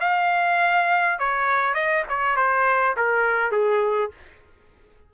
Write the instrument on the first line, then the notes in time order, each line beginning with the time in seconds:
trumpet
0.00 F5
1.19 C#5
1.74 D#5
2.09 C#5
2.36 C5
2.96 A#4
3.51 G#4